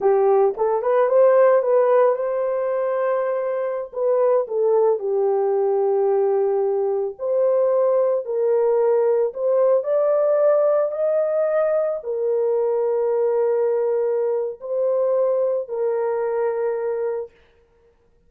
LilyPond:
\new Staff \with { instrumentName = "horn" } { \time 4/4 \tempo 4 = 111 g'4 a'8 b'8 c''4 b'4 | c''2.~ c''16 b'8.~ | b'16 a'4 g'2~ g'8.~ | g'4~ g'16 c''2 ais'8.~ |
ais'4~ ais'16 c''4 d''4.~ d''16~ | d''16 dis''2 ais'4.~ ais'16~ | ais'2. c''4~ | c''4 ais'2. | }